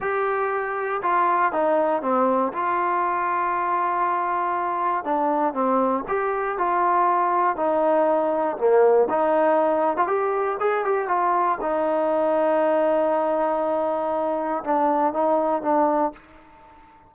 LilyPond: \new Staff \with { instrumentName = "trombone" } { \time 4/4 \tempo 4 = 119 g'2 f'4 dis'4 | c'4 f'2.~ | f'2 d'4 c'4 | g'4 f'2 dis'4~ |
dis'4 ais4 dis'4.~ dis'16 f'16 | g'4 gis'8 g'8 f'4 dis'4~ | dis'1~ | dis'4 d'4 dis'4 d'4 | }